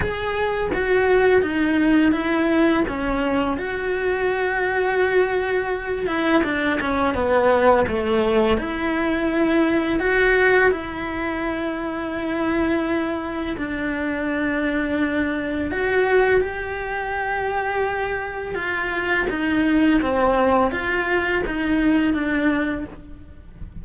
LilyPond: \new Staff \with { instrumentName = "cello" } { \time 4/4 \tempo 4 = 84 gis'4 fis'4 dis'4 e'4 | cis'4 fis'2.~ | fis'8 e'8 d'8 cis'8 b4 a4 | e'2 fis'4 e'4~ |
e'2. d'4~ | d'2 fis'4 g'4~ | g'2 f'4 dis'4 | c'4 f'4 dis'4 d'4 | }